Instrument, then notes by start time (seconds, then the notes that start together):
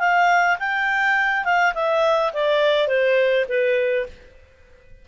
clarinet
0.00 F5
0.60 G5
1.45 F5
1.75 E5
2.34 D5
2.88 C5
3.49 B4